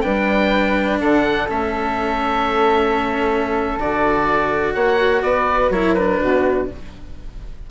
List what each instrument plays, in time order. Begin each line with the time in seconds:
0.00 bassoon G3, cello D4, flute B4, oboe G5
1.00 bassoon D3, flute A4, oboe F#5
1.48 bassoon A3, cello C#4, oboe E5
3.78 bassoon D3, cello F#4, oboe D5
4.74 bassoon A#3, flute C#5, oboe F#5
5.22 bassoon B3, flute B4, oboe D5
5.70 bassoon F#3, cello E4, flute A#4, oboe C#5
5.94 cello D4, oboe B4
6.20 bassoon B2, flute F#4